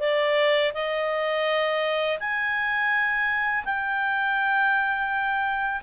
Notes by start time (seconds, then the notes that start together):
0.00 D5
0.74 D#5
2.20 G#5
3.65 G5